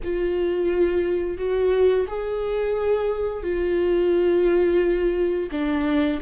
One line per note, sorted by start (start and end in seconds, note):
0.03 1.37 F4
1.37 2.06 F#4
2.07 3.42 G#4
3.42 5.49 F4
5.51 6.20 D4